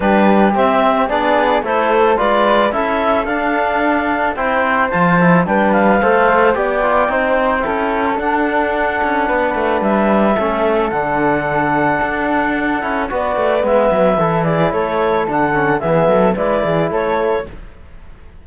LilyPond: <<
  \new Staff \with { instrumentName = "clarinet" } { \time 4/4 \tempo 4 = 110 b'4 e''4 d''4 c''4 | d''4 e''4 f''2 | g''4 a''4 g''8 f''4. | g''2. fis''4~ |
fis''2 e''2 | fis''1 | d''4 e''4. d''8 cis''4 | fis''4 e''4 d''4 cis''4 | }
  \new Staff \with { instrumentName = "flute" } { \time 4/4 g'2 gis'4 a'4 | b'4 a'2. | c''2 b'4 c''4 | d''4 c''4 a'2~ |
a'4 b'2 a'4~ | a'1 | b'2 a'8 gis'8 a'4~ | a'4 gis'8 a'8 b'8 gis'8 a'4 | }
  \new Staff \with { instrumentName = "trombone" } { \time 4/4 d'4 c'4 d'4 e'4 | f'4 e'4 d'2 | e'4 f'8 e'8 d'4 a'4 | g'8 f'8 dis'4 e'4 d'4~ |
d'2. cis'4 | d'2.~ d'8 e'8 | fis'4 b4 e'2 | d'8 cis'8 b4 e'2 | }
  \new Staff \with { instrumentName = "cello" } { \time 4/4 g4 c'4 b4 a4 | gis4 cis'4 d'2 | c'4 f4 g4 a4 | b4 c'4 cis'4 d'4~ |
d'8 cis'8 b8 a8 g4 a4 | d2 d'4. cis'8 | b8 a8 gis8 fis8 e4 a4 | d4 e8 fis8 gis8 e8 a4 | }
>>